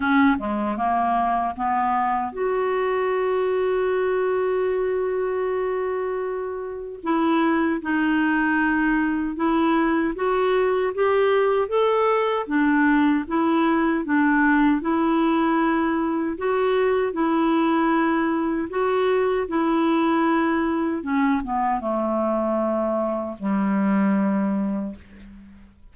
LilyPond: \new Staff \with { instrumentName = "clarinet" } { \time 4/4 \tempo 4 = 77 cis'8 gis8 ais4 b4 fis'4~ | fis'1~ | fis'4 e'4 dis'2 | e'4 fis'4 g'4 a'4 |
d'4 e'4 d'4 e'4~ | e'4 fis'4 e'2 | fis'4 e'2 cis'8 b8 | a2 g2 | }